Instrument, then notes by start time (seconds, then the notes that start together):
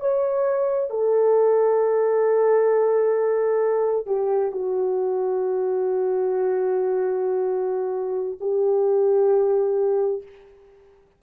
horn
0.00 C#5
0.90 A4
4.06 G4
4.52 F#4
8.40 G4